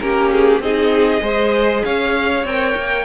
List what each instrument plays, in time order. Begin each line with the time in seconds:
0.00 cello A#3, viola C#4, violin G4 A#4
0.32 violin G#4
0.60 cello C4, viola D#4, violin G#4 D#5
1.20 cello G#3, viola G#4, violin C5
1.85 cello C#4, violin C#5 F5
2.44 cello C4, viola A#4, violin G5
2.76 cello A#3